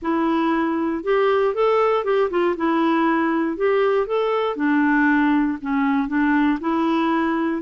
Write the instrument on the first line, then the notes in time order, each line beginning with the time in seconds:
clarinet
0.02 E4
1.03 G4
1.54 A4
2.04 G4
2.30 F4
2.57 E4
3.57 G4
4.06 A4
4.56 D4
5.61 C#4
6.08 D4
6.60 E4